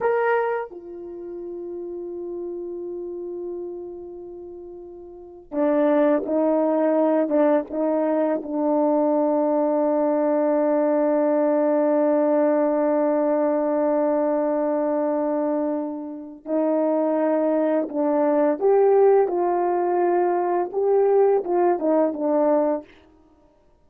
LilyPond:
\new Staff \with { instrumentName = "horn" } { \time 4/4 \tempo 4 = 84 ais'4 f'2.~ | f'2.~ f'8. d'16~ | d'8. dis'4. d'8 dis'4 d'16~ | d'1~ |
d'1~ | d'2. dis'4~ | dis'4 d'4 g'4 f'4~ | f'4 g'4 f'8 dis'8 d'4 | }